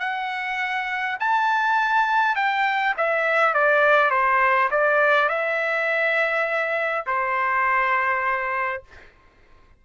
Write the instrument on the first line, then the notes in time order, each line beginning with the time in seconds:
trumpet
0.00 F#5
1.20 A5
2.36 G5
2.98 E5
3.55 D5
4.11 C5
4.71 D5
5.29 E5
7.07 C5